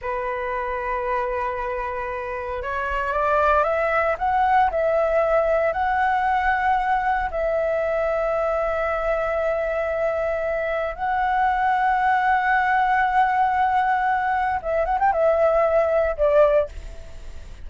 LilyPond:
\new Staff \with { instrumentName = "flute" } { \time 4/4 \tempo 4 = 115 b'1~ | b'4 cis''4 d''4 e''4 | fis''4 e''2 fis''4~ | fis''2 e''2~ |
e''1~ | e''4 fis''2.~ | fis''1 | e''8 fis''16 g''16 e''2 d''4 | }